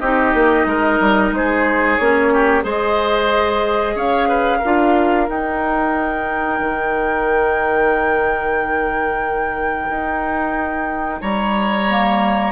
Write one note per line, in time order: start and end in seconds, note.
0.00 0.34 C4
0.00 2.01 D#4
0.00 0.67 G4
0.00 1.32 D#5
0.34 0.66 A#3
0.66 0.99 G#3
0.66 1.34 A#4
1.00 1.32 G3
1.32 1.98 G#3
1.32 2.34 G#4
1.32 1.98 C5
1.98 2.64 A#3
1.98 2.63 C#4
1.98 2.63 C#5
2.34 2.64 G4
2.63 3.96 G#3
2.63 4.61 G#4
2.63 3.96 C5
2.63 3.98 D#5
3.96 4.62 C#4
3.96 4.29 C#5
3.96 5.30 F5
4.29 4.59 B4
4.59 11.18 A#4
4.65 5.29 D4
4.65 5.27 F4
5.27 11.87 D#4
5.27 6.60 D#4
5.27 11.22 G5
6.60 9.89 D#3
9.90 11.22 D#4
11.21 12.52 G3
11.21 12.52 C#5
11.21 12.52 A#5
11.90 12.52 A#3